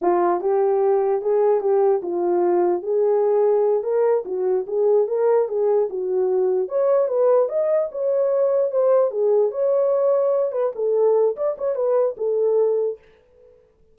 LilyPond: \new Staff \with { instrumentName = "horn" } { \time 4/4 \tempo 4 = 148 f'4 g'2 gis'4 | g'4 f'2 gis'4~ | gis'4. ais'4 fis'4 gis'8~ | gis'8 ais'4 gis'4 fis'4.~ |
fis'8 cis''4 b'4 dis''4 cis''8~ | cis''4. c''4 gis'4 cis''8~ | cis''2 b'8 a'4. | d''8 cis''8 b'4 a'2 | }